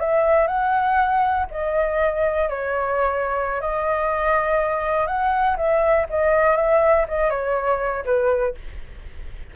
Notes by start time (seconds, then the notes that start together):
0.00 E5
0.47 F#5
1.51 D#5
2.49 C#5
3.61 D#5
5.07 F#5
5.57 E5
6.10 D#5
6.57 E5
7.08 D#5
7.30 C#5
8.05 B4